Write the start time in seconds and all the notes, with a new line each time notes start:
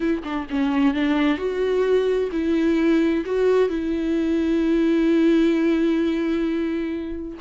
0.00 E4
0.23 D4
0.50 C#4
0.94 D4
1.37 F#4
2.32 E4
3.25 F#4
3.69 E4